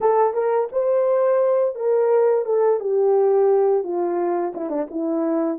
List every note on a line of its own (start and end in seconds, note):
0.01 0.33 A4
0.33 0.68 A#4
0.72 1.75 C5
1.75 2.45 A#4
2.45 2.79 A4
2.80 3.83 G4
3.83 4.53 F4
4.54 4.69 E4
4.69 4.86 D4
4.90 5.58 E4